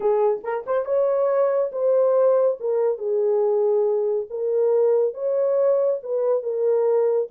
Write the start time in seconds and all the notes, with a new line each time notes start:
0.00 G#4
0.43 A#4
0.66 C5
0.85 C#5
1.72 C5
2.60 A#4
2.98 G#4
4.30 A#4
5.14 C#5
6.03 B4
6.42 A#4